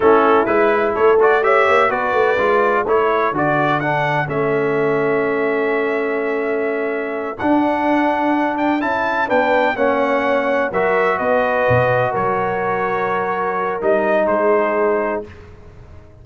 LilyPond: <<
  \new Staff \with { instrumentName = "trumpet" } { \time 4/4 \tempo 4 = 126 a'4 b'4 cis''8 d''8 e''4 | d''2 cis''4 d''4 | fis''4 e''2.~ | e''2.~ e''8 fis''8~ |
fis''2 g''8 a''4 g''8~ | g''8 fis''2 e''4 dis''8~ | dis''4. cis''2~ cis''8~ | cis''4 dis''4 c''2 | }
  \new Staff \with { instrumentName = "horn" } { \time 4/4 e'2 a'4 cis''4 | b'2 a'2~ | a'1~ | a'1~ |
a'2.~ a'8 b'8~ | b'8 cis''2 ais'4 b'8~ | b'4. ais'2~ ais'8~ | ais'2 gis'2 | }
  \new Staff \with { instrumentName = "trombone" } { \time 4/4 cis'4 e'4. fis'8 g'4 | fis'4 f'4 e'4 fis'4 | d'4 cis'2.~ | cis'2.~ cis'8 d'8~ |
d'2~ d'8 e'4 d'8~ | d'8 cis'2 fis'4.~ | fis'1~ | fis'4 dis'2. | }
  \new Staff \with { instrumentName = "tuba" } { \time 4/4 a4 gis4 a4. ais8 | b8 a8 gis4 a4 d4~ | d4 a2.~ | a2.~ a8 d'8~ |
d'2~ d'8 cis'4 b8~ | b8 ais2 fis4 b8~ | b8 b,4 fis2~ fis8~ | fis4 g4 gis2 | }
>>